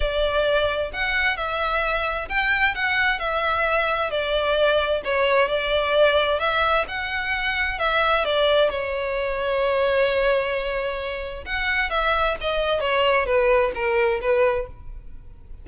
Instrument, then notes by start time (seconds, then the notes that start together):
violin
0.00 D5
0.93 F#5
1.36 E5
2.28 G5
2.75 F#5
3.19 E5
4.10 D5
5.04 C#5
5.48 D5
6.39 E5
6.88 F#5
7.79 E5
8.24 D5
8.70 C#5
11.45 F#5
11.90 E5
12.41 D#5
12.80 C#5
13.26 B4
13.74 A#4
14.21 B4